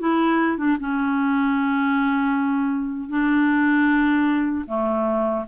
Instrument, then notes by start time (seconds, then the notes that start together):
clarinet
0.00 E4
0.58 D4
0.80 C#4
3.10 D4
4.68 A3